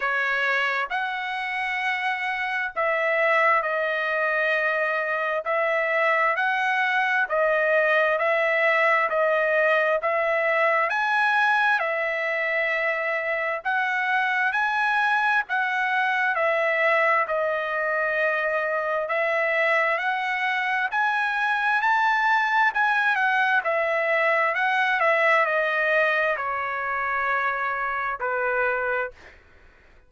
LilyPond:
\new Staff \with { instrumentName = "trumpet" } { \time 4/4 \tempo 4 = 66 cis''4 fis''2 e''4 | dis''2 e''4 fis''4 | dis''4 e''4 dis''4 e''4 | gis''4 e''2 fis''4 |
gis''4 fis''4 e''4 dis''4~ | dis''4 e''4 fis''4 gis''4 | a''4 gis''8 fis''8 e''4 fis''8 e''8 | dis''4 cis''2 b'4 | }